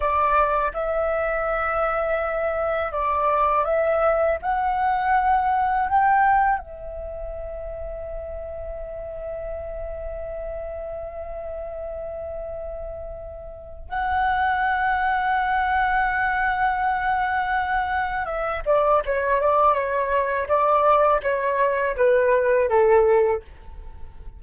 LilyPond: \new Staff \with { instrumentName = "flute" } { \time 4/4 \tempo 4 = 82 d''4 e''2. | d''4 e''4 fis''2 | g''4 e''2.~ | e''1~ |
e''2. fis''4~ | fis''1~ | fis''4 e''8 d''8 cis''8 d''8 cis''4 | d''4 cis''4 b'4 a'4 | }